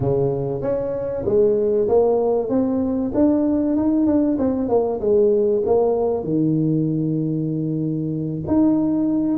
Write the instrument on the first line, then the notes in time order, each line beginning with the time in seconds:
tuba
0.00 C#3
0.61 C#4
1.25 G#3
1.88 A#3
2.49 C4
3.14 D4
3.76 D#4
4.06 D4
4.38 C4
4.68 A#3
5.00 G#3
5.65 A#3
6.23 D#3
8.47 D#4